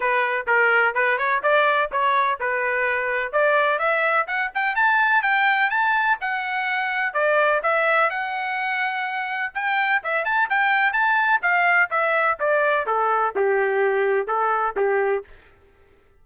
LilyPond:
\new Staff \with { instrumentName = "trumpet" } { \time 4/4 \tempo 4 = 126 b'4 ais'4 b'8 cis''8 d''4 | cis''4 b'2 d''4 | e''4 fis''8 g''8 a''4 g''4 | a''4 fis''2 d''4 |
e''4 fis''2. | g''4 e''8 a''8 g''4 a''4 | f''4 e''4 d''4 a'4 | g'2 a'4 g'4 | }